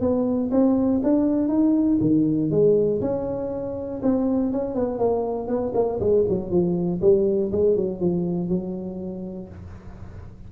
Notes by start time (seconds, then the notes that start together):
0.00 B3
0.51 C4
1.03 D4
1.48 D#4
2.00 D#3
2.50 G#3
3.01 C#4
4.02 C4
4.52 C#4
4.74 B3
4.98 A#3
5.47 B3
5.74 A#3
6.00 G#3
6.28 F#3
6.50 F3
7.01 G3
7.52 G#3
7.76 F#3
8.00 F3
8.48 F#3